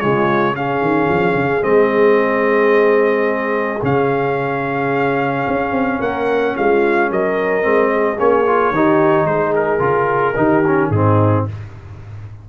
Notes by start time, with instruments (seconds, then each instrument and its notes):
0.00 tuba C#3, trombone G#3, horn F4, trumpet C#5
0.56 trombone C#4, horn G#4, trumpet F5
0.81 tuba D#3
1.09 tuba F3
1.35 tuba C#3
1.61 tuba G#3, trombone C4, trumpet D#5
3.82 tuba C#3, trombone C#4, trumpet F5
5.48 tuba C#4
5.72 tuba C4
6.00 tuba A#3, horn A#4, trumpet F#5
6.56 tuba G#3, horn F4, trumpet F5
7.10 tuba F#3, horn A#4, trumpet D#5
7.62 tuba G#3, trombone C4
7.92 horn G#4
8.18 tuba A#3, trombone C#4, trumpet C#5
8.46 trombone F4
8.71 tuba D#3, trombone D#4, horn G4
9.25 tuba G#3, horn G#4, trumpet C5
9.56 trumpet A#4
9.79 tuba C#3, trombone F4
10.36 tuba D#3, trombone D#4, horn G4
10.67 trombone C#4
10.90 tuba G#2, trombone C4, horn D#4, trumpet G#4